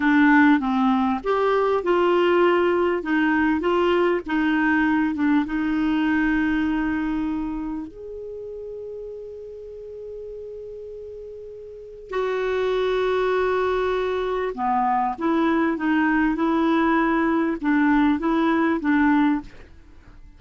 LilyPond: \new Staff \with { instrumentName = "clarinet" } { \time 4/4 \tempo 4 = 99 d'4 c'4 g'4 f'4~ | f'4 dis'4 f'4 dis'4~ | dis'8 d'8 dis'2.~ | dis'4 gis'2.~ |
gis'1 | fis'1 | b4 e'4 dis'4 e'4~ | e'4 d'4 e'4 d'4 | }